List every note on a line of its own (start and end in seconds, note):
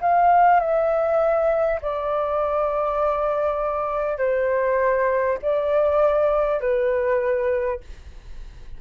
0.00 0.59 F5
0.59 1.79 E5
1.81 4.18 D5
4.18 5.38 C5
5.42 6.60 D5
6.60 7.80 B4